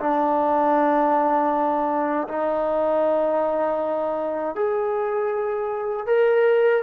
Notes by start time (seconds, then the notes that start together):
0.00 D4
2.28 D#4
4.55 G#4
6.07 A#4